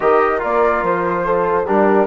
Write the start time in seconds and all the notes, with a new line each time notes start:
0.00 D#3 G4 A#4 D#5
0.38 A#3 F4 D5
0.82 F3 C5
1.24 A4
1.66 G3 D4 G4 A#4